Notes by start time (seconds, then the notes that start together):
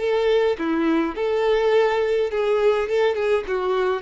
0.00 A4
0.59 E4
1.16 A4
2.31 G#4
2.89 A4
3.15 G#4
3.48 F#4